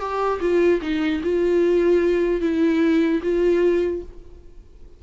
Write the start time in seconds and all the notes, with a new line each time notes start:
0.00 G4
0.41 F4
0.81 D#4
1.24 F4
2.41 E4
3.23 F4